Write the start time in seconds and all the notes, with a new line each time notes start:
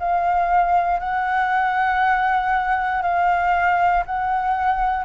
0.00 F5
1.00 F#5
3.02 F5
4.06 F#5